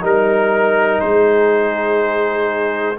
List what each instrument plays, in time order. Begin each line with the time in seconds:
0.00 tuba G3, trombone D#4, horn A#4, trumpet A#4
1.00 tuba G#3, horn G#4, trumpet C5